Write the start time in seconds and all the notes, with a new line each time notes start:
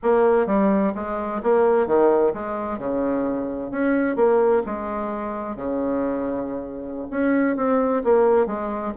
0.02 A#3
0.46 G3
0.95 G#3
1.42 A#3
1.86 D#3
2.33 G#3
2.78 C#3
3.71 C#4
4.15 A#3
4.66 G#3
5.56 C#3
7.10 C#4
7.56 C4
8.03 A#3
8.46 G#3